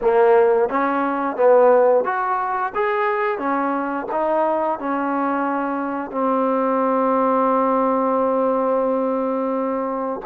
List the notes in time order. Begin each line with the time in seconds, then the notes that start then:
0.01 A#3
0.69 C#4
1.36 B3
2.04 F#4
2.74 G#4
3.38 C#4
4.11 D#4
4.79 C#4
6.11 C4